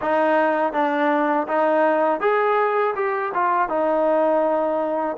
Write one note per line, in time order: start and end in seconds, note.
0.01 0.72 D#4
0.72 1.46 D4
1.47 2.20 D#4
2.20 2.94 G#4
2.95 3.32 G4
3.34 3.68 F4
3.68 5.16 D#4